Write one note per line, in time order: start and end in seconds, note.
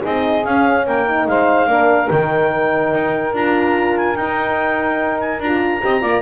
0.00 0.45 C4
0.00 0.43 D#4
0.00 0.83 G#4
0.00 0.44 D#5
0.44 1.06 C#4
0.44 0.86 C#4
0.44 0.86 F5
0.86 1.26 A#3
0.86 1.27 A#4
0.86 1.27 G5
1.06 1.66 D#4
1.26 1.66 G#3
1.26 1.69 C5
1.26 2.09 F5
1.66 2.08 A#3
1.66 2.08 D4
1.66 5.82 A#4
2.09 2.93 D#3
2.09 3.33 D#4
2.09 3.34 G5
2.93 3.32 D#4
3.32 4.15 D4
3.32 4.17 F4
3.32 3.97 A#5
3.97 4.15 G#5
4.15 5.39 D#4
4.15 5.42 D#4
4.15 5.19 G5
5.19 5.40 G#5
5.39 5.81 D4
5.39 5.80 F4
5.39 6.21 A#5
5.80 6.02 C4
5.80 6.01 G4
5.80 6.01 D#5
6.01 6.21 A#3
6.01 6.21 F4
6.01 6.21 D5